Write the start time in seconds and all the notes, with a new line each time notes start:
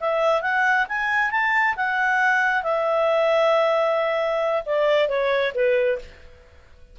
0.00 E5
0.42 F#5
0.88 G#5
1.31 A5
1.77 F#5
2.63 E5
4.65 D5
5.08 C#5
5.54 B4